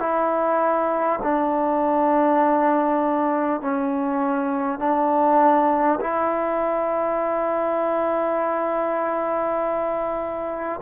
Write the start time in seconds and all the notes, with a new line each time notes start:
0.00 E4
1.23 D4
3.61 C#4
4.79 D4
6.01 E4